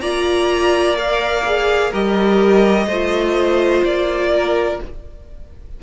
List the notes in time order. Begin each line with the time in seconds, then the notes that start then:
0.00 A#3 F4 D5 A#5
0.96 A#4 F5
1.45 G#4
1.90 G3 G4 A#4 D#5
2.86 A3 F4 C5
3.84 A#3 D5
4.34 A#4